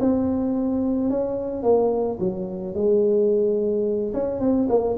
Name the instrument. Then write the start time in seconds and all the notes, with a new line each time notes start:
tuba
0.00 C4
1.10 C#4
1.63 A#3
2.19 F#3
2.74 G#3
4.14 C#4
4.40 C4
4.69 A#3